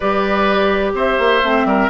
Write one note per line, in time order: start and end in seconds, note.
0.00 0.93 G3
0.00 1.43 G4
0.00 0.92 B4
0.00 0.91 D5
0.93 1.17 C4
0.93 1.67 C5
0.93 1.89 E5
1.18 1.42 A#3
1.43 1.64 A3
1.43 1.89 C4
1.64 1.88 G3
1.64 1.89 A#4